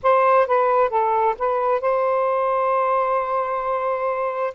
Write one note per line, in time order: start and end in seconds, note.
0.02 0.47 C5
0.47 0.89 B4
0.89 1.35 A4
1.38 1.81 B4
1.81 4.53 C5